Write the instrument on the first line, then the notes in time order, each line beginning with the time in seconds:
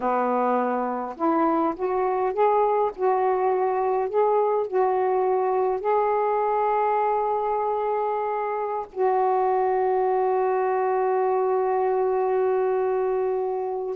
saxophone
0.00 B3
1.16 E4
1.76 F#4
2.33 G#4
2.95 F#4
4.09 G#4
4.67 F#4
5.80 G#4
8.92 F#4